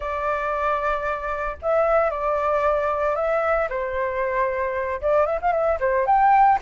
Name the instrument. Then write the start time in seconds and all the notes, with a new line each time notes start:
flute
0.00 D5
1.62 E5
2.10 D5
3.15 E5
3.69 C5
5.01 D5
5.26 E5
5.41 F5
5.52 E5
5.79 C5
6.06 G5